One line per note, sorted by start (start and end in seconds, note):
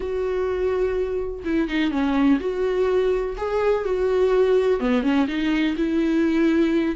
0.00 1.43 F#4
1.44 1.68 E4
1.68 1.91 D#4
1.91 2.39 C#4
2.40 3.36 F#4
3.37 3.84 G#4
3.84 4.79 F#4
4.79 5.02 B3
5.02 5.26 C#4
5.27 5.75 D#4
5.76 6.95 E4